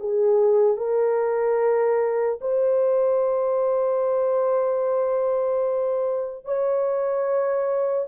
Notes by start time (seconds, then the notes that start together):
0.00 G#4
0.77 A#4
2.41 C5
6.45 C#5